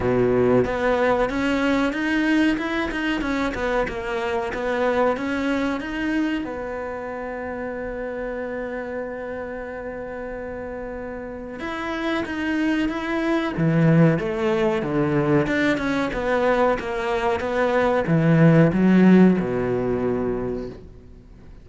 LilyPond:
\new Staff \with { instrumentName = "cello" } { \time 4/4 \tempo 4 = 93 b,4 b4 cis'4 dis'4 | e'8 dis'8 cis'8 b8 ais4 b4 | cis'4 dis'4 b2~ | b1~ |
b2 e'4 dis'4 | e'4 e4 a4 d4 | d'8 cis'8 b4 ais4 b4 | e4 fis4 b,2 | }